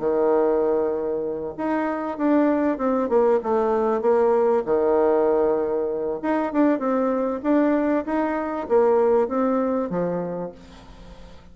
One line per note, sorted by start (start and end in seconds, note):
0.00 1.55 D#3
1.58 2.18 D#4
2.18 2.78 D4
2.78 3.09 C4
3.09 3.40 A#3
3.44 4.02 A3
4.02 4.64 A#3
4.66 6.20 D#3
6.22 6.53 D#4
6.53 6.79 D4
6.79 7.41 C4
7.43 8.05 D4
8.06 8.68 D#4
8.69 9.28 A#3
9.28 9.90 C4
9.90 10.52 F3